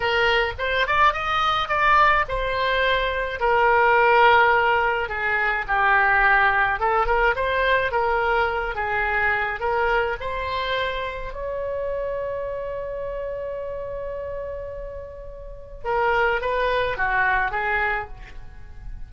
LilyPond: \new Staff \with { instrumentName = "oboe" } { \time 4/4 \tempo 4 = 106 ais'4 c''8 d''8 dis''4 d''4 | c''2 ais'2~ | ais'4 gis'4 g'2 | a'8 ais'8 c''4 ais'4. gis'8~ |
gis'4 ais'4 c''2 | cis''1~ | cis''1 | ais'4 b'4 fis'4 gis'4 | }